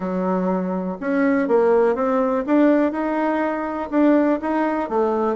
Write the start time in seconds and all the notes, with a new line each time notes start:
0.00 F#3
1.00 C#4
1.48 A#3
1.95 C4
2.46 D4
2.92 D#4
3.90 D4
4.41 D#4
4.89 A3